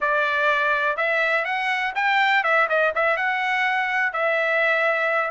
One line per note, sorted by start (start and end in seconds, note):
0.00 0.97 D5
0.97 1.44 E5
1.44 1.93 F#5
1.95 2.43 G5
2.43 2.67 E5
2.69 2.93 D#5
2.95 3.16 E5
3.16 4.12 F#5
4.12 5.30 E5